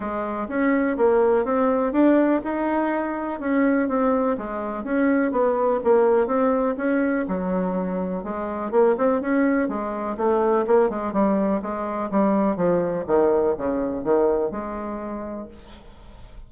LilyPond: \new Staff \with { instrumentName = "bassoon" } { \time 4/4 \tempo 4 = 124 gis4 cis'4 ais4 c'4 | d'4 dis'2 cis'4 | c'4 gis4 cis'4 b4 | ais4 c'4 cis'4 fis4~ |
fis4 gis4 ais8 c'8 cis'4 | gis4 a4 ais8 gis8 g4 | gis4 g4 f4 dis4 | cis4 dis4 gis2 | }